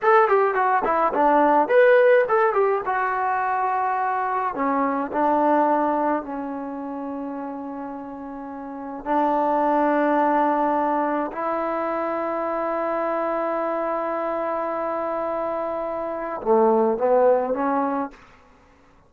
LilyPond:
\new Staff \with { instrumentName = "trombone" } { \time 4/4 \tempo 4 = 106 a'8 g'8 fis'8 e'8 d'4 b'4 | a'8 g'8 fis'2. | cis'4 d'2 cis'4~ | cis'1 |
d'1 | e'1~ | e'1~ | e'4 a4 b4 cis'4 | }